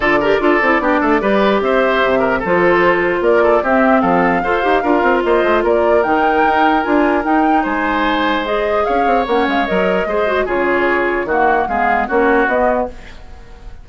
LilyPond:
<<
  \new Staff \with { instrumentName = "flute" } { \time 4/4 \tempo 4 = 149 d''1 | e''2 c''2 | d''4 e''4 f''2~ | f''4 dis''4 d''4 g''4~ |
g''4 gis''4 g''4 gis''4~ | gis''4 dis''4 f''4 fis''8 f''8 | dis''2 cis''2 | fis''4 f''4 cis''4 dis''4 | }
  \new Staff \with { instrumentName = "oboe" } { \time 4/4 a'8 ais'8 a'4 g'8 a'8 b'4 | c''4. ais'8 a'2 | ais'8 a'8 g'4 a'4 c''4 | ais'4 c''4 ais'2~ |
ais'2. c''4~ | c''2 cis''2~ | cis''4 c''4 gis'2 | fis'4 gis'4 fis'2 | }
  \new Staff \with { instrumentName = "clarinet" } { \time 4/4 f'8 g'8 f'8 e'8 d'4 g'4~ | g'2 f'2~ | f'4 c'2 a'8 g'8 | f'2. dis'4~ |
dis'4 f'4 dis'2~ | dis'4 gis'2 cis'4 | ais'4 gis'8 fis'8 f'2 | ais4 b4 cis'4 b4 | }
  \new Staff \with { instrumentName = "bassoon" } { \time 4/4 d4 d'8 c'8 b8 a8 g4 | c'4 c4 f2 | ais4 c'4 f4 f'8 dis'8 | d'8 c'8 ais8 a8 ais4 dis4 |
dis'4 d'4 dis'4 gis4~ | gis2 cis'8 c'8 ais8 gis8 | fis4 gis4 cis2 | dis4 gis4 ais4 b4 | }
>>